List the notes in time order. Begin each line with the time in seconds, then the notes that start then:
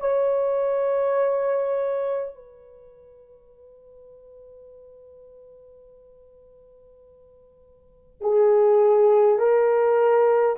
0.00 C#5
2.35 B4
8.21 G#4
9.39 A#4